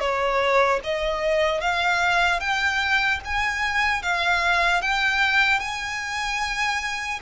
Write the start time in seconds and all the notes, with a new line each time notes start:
0.00 C#5
0.84 D#5
1.61 F5
2.40 G5
3.25 G#5
4.03 F5
4.81 G5
5.60 G#5